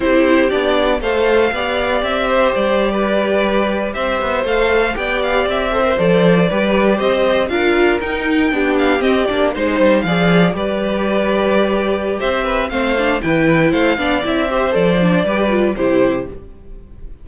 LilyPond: <<
  \new Staff \with { instrumentName = "violin" } { \time 4/4 \tempo 4 = 118 c''4 d''4 f''2 | e''4 d''2~ d''8. e''16~ | e''8. f''4 g''8 f''8 e''4 d''16~ | d''4.~ d''16 dis''4 f''4 g''16~ |
g''4~ g''16 f''8 dis''8 d''8 c''4 f''16~ | f''8. d''2.~ d''16 | e''4 f''4 g''4 f''4 | e''4 d''2 c''4 | }
  \new Staff \with { instrumentName = "violin" } { \time 4/4 g'2 c''4 d''4~ | d''8 c''4~ c''16 b'2 c''16~ | c''4.~ c''16 d''4. c''8.~ | c''8. b'4 c''4 ais'4~ ais'16~ |
ais'8. g'2 c''4 d''16~ | d''8. b'2.~ b'16 | c''8 b'8 c''4 b'4 c''8 d''8~ | d''8 c''4. b'4 g'4 | }
  \new Staff \with { instrumentName = "viola" } { \time 4/4 e'4 d'4 a'4 g'4~ | g'1~ | g'8. a'4 g'4. a'16 ais'16 a'16~ | a'8. g'2 f'4 dis'16~ |
dis'8. d'4 c'8 d'8 dis'4 gis'16~ | gis'8. g'2.~ g'16~ | g'4 c'8 d'8 e'4. d'8 | e'8 g'8 a'8 d'8 g'8 f'8 e'4 | }
  \new Staff \with { instrumentName = "cello" } { \time 4/4 c'4 b4 a4 b4 | c'4 g2~ g8. c'16~ | c'16 b8 a4 b4 c'4 f16~ | f8. g4 c'4 d'4 dis'16~ |
dis'8. b4 c'8 ais8 gis8 g8 f16~ | f8. g2.~ g16 | c'4 a4 e4 a8 b8 | c'4 f4 g4 c4 | }
>>